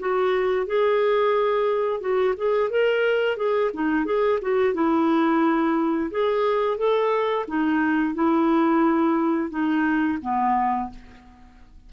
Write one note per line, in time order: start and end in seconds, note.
0.00 0.67 F#4
0.67 2.01 G#4
2.01 2.35 F#4
2.37 2.70 G#4
2.70 3.37 A#4
3.37 3.71 G#4
3.74 4.05 D#4
4.05 4.39 G#4
4.42 4.74 F#4
4.74 6.11 E4
6.11 6.78 G#4
6.78 7.46 A4
7.48 8.14 D#4
8.14 9.50 E4
9.50 10.18 D#4
10.22 10.90 B3